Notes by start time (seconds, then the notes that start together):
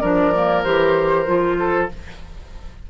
0.00 F3 D4 A#4 D5
0.34 A#3
0.63 E3 G4 C5
1.26 F3 F4
1.59 A4